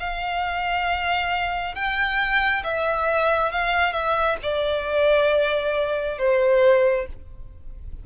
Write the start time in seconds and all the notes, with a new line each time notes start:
0.00 F5
1.75 G5
2.64 E5
3.52 F5
3.93 E5
4.43 D5
6.18 C5